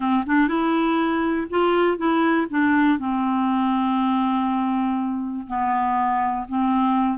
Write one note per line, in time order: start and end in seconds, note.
0.00 0.24 C4
0.26 0.48 D4
0.48 1.47 E4
1.50 1.97 F4
1.97 2.47 E4
2.50 2.98 D4
2.98 5.46 C4
5.47 6.46 B3
6.48 7.18 C4